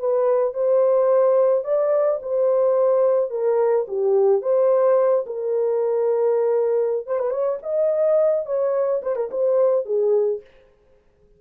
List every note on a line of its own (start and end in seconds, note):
0.00 0.54 B4
0.54 1.65 C5
1.65 2.20 D5
2.23 3.31 C5
3.31 3.86 A#4
3.88 4.42 G4
4.42 5.26 C5
5.27 7.07 A#4
7.07 7.20 C5
7.20 7.31 B4
7.31 7.59 C#5
7.63 8.46 D#5
8.46 9.02 C#5
9.03 9.16 C5
9.16 9.30 A#4
9.32 9.86 C5
9.86 10.41 G#4